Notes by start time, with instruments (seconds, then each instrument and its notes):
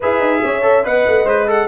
0.00 tuba E4, trombone G#4, horn B4, trumpet E5
0.19 tuba D#4
0.43 tuba C#4, horn C#5
0.62 trombone A4
0.84 tuba B3, trombone B4, horn D#5, trumpet F#5
1.06 tuba A3
1.24 tuba G#3, trumpet B4, trombone C5
1.47 trombone A4, trumpet F#5